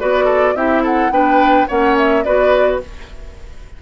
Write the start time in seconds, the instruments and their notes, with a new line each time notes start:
0.00 bassoon B3, clarinet F#4, oboe B4, flute D5
0.25 oboe A4
0.55 bassoon C4, clarinet E4, oboe G4, flute E5
0.83 oboe A4, flute F#5
1.11 bassoon B3, clarinet D4, oboe B4, flute G5
1.68 bassoon A#3, clarinet C#4, oboe C#5, flute F#5
1.98 flute E5
2.24 bassoon B3, clarinet F#4, oboe B4, flute D5